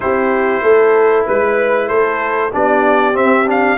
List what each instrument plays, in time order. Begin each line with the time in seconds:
0.00 tuba C4, trombone E4, horn G4, trumpet C5
0.61 tuba A3, horn A4
1.25 tuba G#3, horn B4, trumpet B4
1.88 tuba A3, horn A4, trumpet C5
2.52 tuba B3, trombone D4, horn G4, trumpet D5
3.13 tuba C4, trombone C4, trumpet E5
3.46 trombone D4, trumpet F5